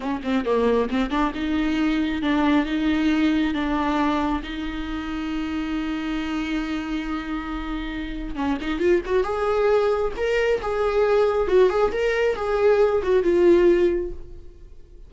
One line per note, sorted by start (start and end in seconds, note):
0.00 0.21 C#4
0.23 0.45 C4
0.45 0.89 A#3
0.90 1.10 C4
1.10 1.32 D4
1.34 2.22 D#4
2.22 2.65 D4
2.65 3.53 D#4
3.53 4.42 D4
4.43 8.35 D#4
8.35 8.57 C#4
8.61 8.79 D#4
8.79 9.01 F4
9.05 9.23 F#4
9.23 10.11 G#4
10.16 10.60 A#4
10.61 11.47 G#4
11.47 11.69 F#4
11.69 11.91 G#4
11.92 12.35 A#4
12.35 13.01 G#4
13.02 13.23 F#4
13.23 14.11 F4